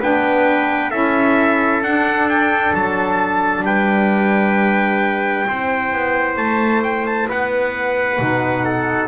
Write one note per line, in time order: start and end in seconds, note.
0.00 0.92 B3
0.00 0.91 D4
0.00 0.91 B4
0.00 0.90 G5
0.90 1.81 C#4
0.90 1.82 E4
0.90 3.64 A4
0.90 1.81 E5
1.81 2.72 D4
1.81 5.46 D4
1.81 2.28 F#5
2.29 2.74 G5
2.73 3.62 F#3
2.73 3.65 A5
3.62 5.44 G3
3.62 5.47 B4
3.62 6.37 G5
5.46 5.92 C4
5.46 8.18 E4
5.46 7.28 C5
5.92 6.37 B3
6.37 7.28 A3
6.37 6.82 A5
6.83 7.06 G5
7.06 7.29 A5
7.28 8.19 B3
7.28 8.65 B4
7.28 9.08 F#5
8.18 9.08 B2
8.18 9.08 D#4
8.65 9.08 A4